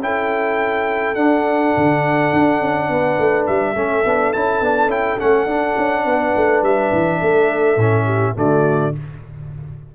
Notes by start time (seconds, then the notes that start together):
0.00 C#4 E4 A4 G5
1.15 D4 F#5
1.77 D3
2.33 D4
2.61 C#4
2.89 B3 B4
3.19 A3
3.47 G3 E5
3.72 A3 C#4 A4
4.04 B3 D4
4.33 C#4 E4 A5
4.61 B3 D4
4.87 C#4 E4 G5
5.19 A3 C#4 F#5
5.46 D4
5.77 C#4
6.05 B3 B4
6.36 A3
6.62 G3 E5
6.92 E3
7.21 A3 A4
7.76 A2 C#4
8.05 G4
8.35 D3 A3 F#4 D5